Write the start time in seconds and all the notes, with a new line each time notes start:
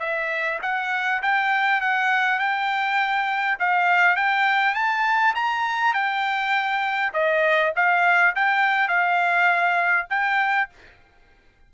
0.00 E5
0.63 F#5
1.23 G5
1.81 F#5
2.39 G5
3.59 F5
4.16 G5
4.75 A5
5.35 A#5
5.94 G5
7.14 D#5
7.76 F5
8.35 G5
8.88 F5
10.10 G5